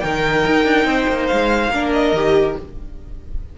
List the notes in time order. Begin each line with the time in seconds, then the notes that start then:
0.00 D#3 D#4 A#4 G5
0.47 D#4
0.64 D4
0.85 C4 C5
1.08 A#3
1.26 G#3 F5
1.68 A#3 D4 A#4
1.92 D#5
2.12 D#3 G4